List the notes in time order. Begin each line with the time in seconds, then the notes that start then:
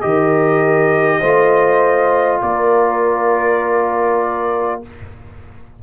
0.00 D#3 G4 A#4 D#5
1.19 A3 F4 C5
2.42 A#3 A#4 D5